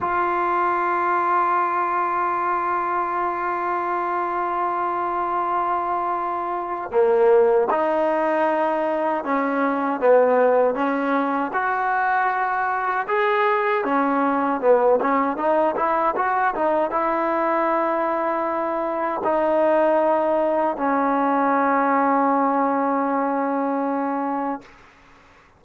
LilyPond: \new Staff \with { instrumentName = "trombone" } { \time 4/4 \tempo 4 = 78 f'1~ | f'1~ | f'4 ais4 dis'2 | cis'4 b4 cis'4 fis'4~ |
fis'4 gis'4 cis'4 b8 cis'8 | dis'8 e'8 fis'8 dis'8 e'2~ | e'4 dis'2 cis'4~ | cis'1 | }